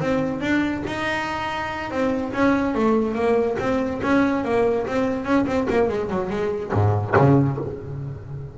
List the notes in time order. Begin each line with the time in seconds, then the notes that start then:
0.00 C4
0.41 D4
0.87 D#4
1.91 C4
2.33 C#4
2.74 A3
3.14 A#3
3.59 C4
4.03 C#4
4.44 A#3
4.87 C4
5.24 C#4
5.46 C4
5.69 A#3
5.89 G#3
6.10 F#3
6.30 G#3
6.73 G#2
7.16 C#3